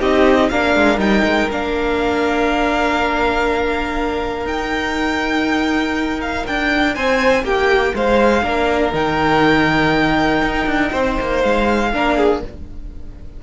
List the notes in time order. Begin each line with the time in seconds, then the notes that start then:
0.00 C4 D#4 G4 D#5
0.50 A#3 D4 A#4 F5
0.75 G#3
0.98 G3 D#4 G5
1.24 G#3
1.50 A#3 D4 F5
4.46 D#4 G5
6.21 F5
6.47 D4 G5
6.95 C4 C5 G#5
7.44 A#3 G4 G5
7.95 G#3 C5 F5
8.43 A#3 D4 A#4
8.92 D#3 D#4 G5
10.42 D#4
10.66 D4
10.91 C4 C5
11.21 A#3
11.41 G#3 F5
11.93 A#3 D4 A#4
12.17 G#4